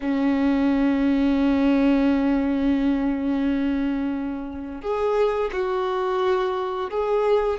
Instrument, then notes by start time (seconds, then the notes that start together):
violin
0.00 C#4
4.81 G#4
5.52 F#4
6.90 G#4